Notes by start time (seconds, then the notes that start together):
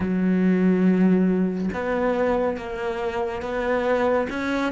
0.00 F#3
1.73 B3
2.57 A#3
3.41 B3
4.29 C#4